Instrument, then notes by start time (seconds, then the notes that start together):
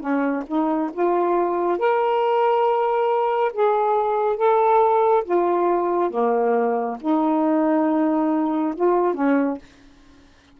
saxophone
0.00 C#4
0.47 D#4
0.93 F4
1.79 A#4
3.53 G#4
4.37 A4
5.25 F4
6.10 A#3
7.01 D#4
8.75 F4
9.15 C#4